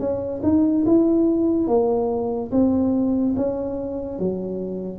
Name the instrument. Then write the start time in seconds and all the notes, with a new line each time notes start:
tuba
0.00 C#4
0.44 D#4
0.86 E4
1.68 A#3
2.52 C4
3.37 C#4
4.20 F#3